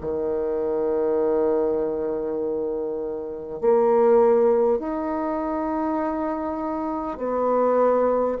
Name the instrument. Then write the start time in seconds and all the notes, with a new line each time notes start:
bassoon
0.00 D#3
3.61 A#3
4.79 D#4
7.17 B3